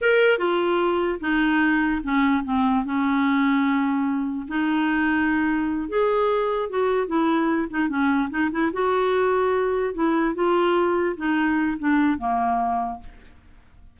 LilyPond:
\new Staff \with { instrumentName = "clarinet" } { \time 4/4 \tempo 4 = 148 ais'4 f'2 dis'4~ | dis'4 cis'4 c'4 cis'4~ | cis'2. dis'4~ | dis'2~ dis'8 gis'4.~ |
gis'8 fis'4 e'4. dis'8 cis'8~ | cis'8 dis'8 e'8 fis'2~ fis'8~ | fis'8 e'4 f'2 dis'8~ | dis'4 d'4 ais2 | }